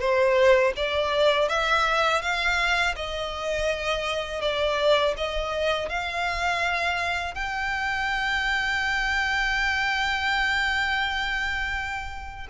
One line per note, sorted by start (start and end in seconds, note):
0.00 0.73 C5
0.76 1.49 D5
1.49 2.22 E5
2.22 2.95 F5
2.96 4.41 D#5
4.41 5.15 D5
5.17 5.89 D#5
5.89 7.35 F5
7.35 12.47 G5